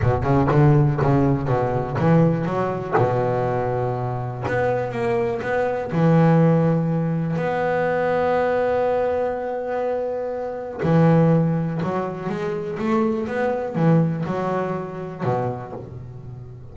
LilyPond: \new Staff \with { instrumentName = "double bass" } { \time 4/4 \tempo 4 = 122 b,8 cis8 d4 cis4 b,4 | e4 fis4 b,2~ | b,4 b4 ais4 b4 | e2. b4~ |
b1~ | b2 e2 | fis4 gis4 a4 b4 | e4 fis2 b,4 | }